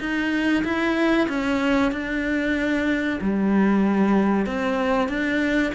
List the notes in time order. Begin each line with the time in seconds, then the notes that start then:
0.00 D#4
0.64 E4
1.29 C#4
1.92 D4
3.21 G3
4.47 C4
5.09 D4